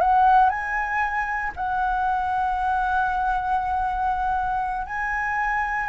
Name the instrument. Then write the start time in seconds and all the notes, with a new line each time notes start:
flute
0.00 F#5
0.50 G#5
1.56 F#5
4.86 G#5